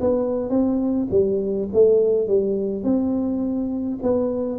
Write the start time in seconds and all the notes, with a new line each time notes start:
0.00 B3
0.50 C4
1.11 G3
1.73 A3
2.27 G3
2.83 C4
4.02 B3